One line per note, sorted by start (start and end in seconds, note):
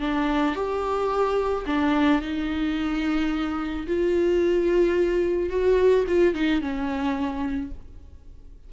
0.00 0.55 D4
0.55 1.65 G4
1.66 2.21 D4
2.21 3.87 D#4
3.87 5.50 F4
5.50 6.05 F#4
6.08 6.34 F4
6.34 6.61 D#4
6.61 7.71 C#4